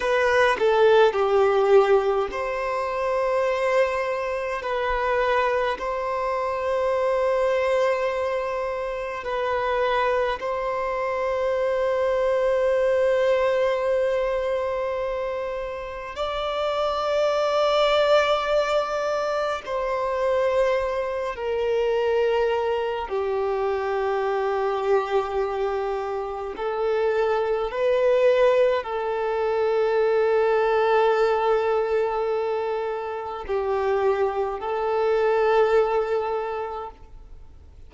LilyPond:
\new Staff \with { instrumentName = "violin" } { \time 4/4 \tempo 4 = 52 b'8 a'8 g'4 c''2 | b'4 c''2. | b'4 c''2.~ | c''2 d''2~ |
d''4 c''4. ais'4. | g'2. a'4 | b'4 a'2.~ | a'4 g'4 a'2 | }